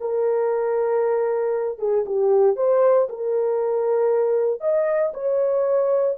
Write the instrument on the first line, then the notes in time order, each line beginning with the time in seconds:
horn
0.00 A#4
1.78 G#4
2.06 G4
2.56 C5
3.09 A#4
4.61 D#5
5.14 C#5